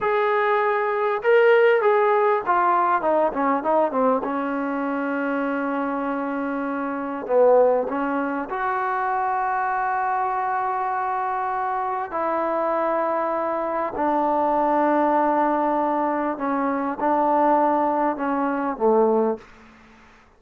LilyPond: \new Staff \with { instrumentName = "trombone" } { \time 4/4 \tempo 4 = 99 gis'2 ais'4 gis'4 | f'4 dis'8 cis'8 dis'8 c'8 cis'4~ | cis'1 | b4 cis'4 fis'2~ |
fis'1 | e'2. d'4~ | d'2. cis'4 | d'2 cis'4 a4 | }